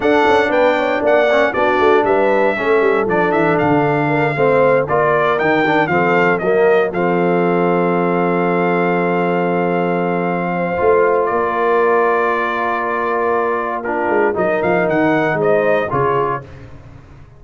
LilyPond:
<<
  \new Staff \with { instrumentName = "trumpet" } { \time 4/4 \tempo 4 = 117 fis''4 g''4 fis''4 d''4 | e''2 d''8 e''8 f''4~ | f''4. d''4 g''4 f''8~ | f''8 dis''4 f''2~ f''8~ |
f''1~ | f''2 d''2~ | d''2. ais'4 | dis''8 f''8 fis''4 dis''4 cis''4 | }
  \new Staff \with { instrumentName = "horn" } { \time 4/4 a'4 b'8 cis''8 d''4 fis'4 | b'4 a'2. | ais'8 c''4 ais'2 a'8~ | a'8 ais'4 a'2~ a'8~ |
a'1~ | a'8 c''4. ais'2~ | ais'2. f'4 | ais'2 c''4 gis'4 | }
  \new Staff \with { instrumentName = "trombone" } { \time 4/4 d'2~ d'8 cis'8 d'4~ | d'4 cis'4 d'2~ | d'8 c'4 f'4 dis'8 d'8 c'8~ | c'8 ais4 c'2~ c'8~ |
c'1~ | c'4 f'2.~ | f'2. d'4 | dis'2. f'4 | }
  \new Staff \with { instrumentName = "tuba" } { \time 4/4 d'8 cis'8 b4 ais4 b8 a8 | g4 a8 g8 f8 e8 d4~ | d8 a4 ais4 dis4 f8~ | f8 fis4 f2~ f8~ |
f1~ | f4 a4 ais2~ | ais2.~ ais8 gis8 | fis8 f8 dis4 gis4 cis4 | }
>>